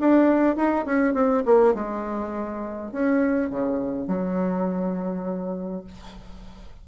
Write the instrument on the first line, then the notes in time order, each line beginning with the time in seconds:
bassoon
0.00 D4
0.56 D#4
0.86 C#4
1.14 C4
1.46 A#3
1.74 G#3
2.92 C#4
3.50 C#3
4.08 F#3